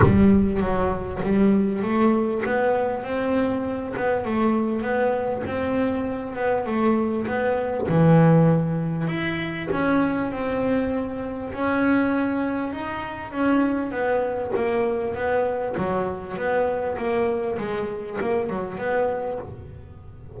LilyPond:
\new Staff \with { instrumentName = "double bass" } { \time 4/4 \tempo 4 = 99 g4 fis4 g4 a4 | b4 c'4. b8 a4 | b4 c'4. b8 a4 | b4 e2 e'4 |
cis'4 c'2 cis'4~ | cis'4 dis'4 cis'4 b4 | ais4 b4 fis4 b4 | ais4 gis4 ais8 fis8 b4 | }